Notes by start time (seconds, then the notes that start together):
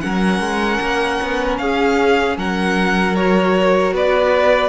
0.00 F#3 C#4 A#4 F#5
0.40 G#3
0.81 A#3
1.21 B3
1.58 C#4 G#4 F5
2.36 F#3 A#4 F#5
3.15 F#4 C#5
3.92 B3 B4 D5